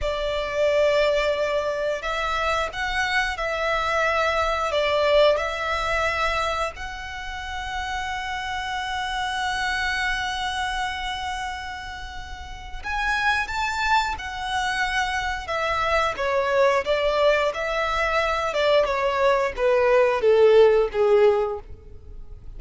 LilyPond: \new Staff \with { instrumentName = "violin" } { \time 4/4 \tempo 4 = 89 d''2. e''4 | fis''4 e''2 d''4 | e''2 fis''2~ | fis''1~ |
fis''2. gis''4 | a''4 fis''2 e''4 | cis''4 d''4 e''4. d''8 | cis''4 b'4 a'4 gis'4 | }